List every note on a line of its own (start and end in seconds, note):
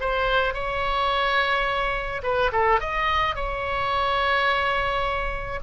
0.00 0.53 C5
0.53 2.21 C#5
2.23 2.51 B4
2.52 2.80 A4
2.80 3.35 D#5
3.35 5.59 C#5